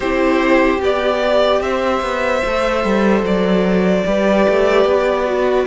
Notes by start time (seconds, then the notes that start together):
0.00 C4 E4 G4 C5
0.79 B3 G4 D5
1.60 C4 C5 E5
2.01 B3
2.45 A3 A4
2.84 G3
3.22 F#3 D5
4.05 G3 G4 B4
4.48 A3
4.85 B3
5.25 F#4